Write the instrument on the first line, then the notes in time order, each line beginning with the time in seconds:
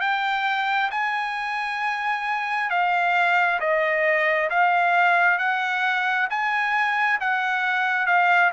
trumpet
0.00 G5
0.90 G#5
2.69 F5
3.60 D#5
4.50 F5
5.38 F#5
6.30 G#5
7.20 F#5
8.06 F5